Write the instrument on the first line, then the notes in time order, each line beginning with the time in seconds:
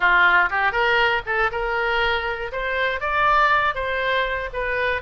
oboe
0.00 F4
0.50 G4
0.72 A#4
1.25 A4
1.51 A#4
2.52 C5
3.00 D5
3.74 C5
4.52 B4